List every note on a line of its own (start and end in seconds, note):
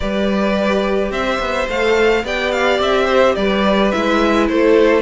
0.00 1.10 G3
0.00 1.69 G4
0.00 1.11 B4
0.00 1.12 D5
1.10 1.38 C4
1.10 2.23 C5
1.10 1.68 E5
1.39 1.67 B3
1.68 2.23 A3
1.68 2.25 A4
1.68 2.25 F5
2.23 2.79 B3
2.23 3.92 G4
2.23 3.05 D5
2.23 2.51 G5
2.51 2.79 F5
2.79 3.35 C4
2.79 3.35 E5
3.05 3.33 C5
3.35 3.92 G3
3.35 4.49 B4
3.35 3.91 D5
3.91 4.49 G#3
3.91 5.02 E4
3.91 4.47 E5
4.48 5.02 A3
4.48 5.02 A4
4.48 5.02 C5